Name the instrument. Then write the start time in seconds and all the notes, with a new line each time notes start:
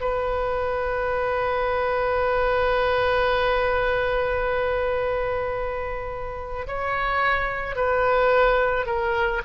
oboe
0.00 B4
6.67 C#5
7.76 B4
8.86 A#4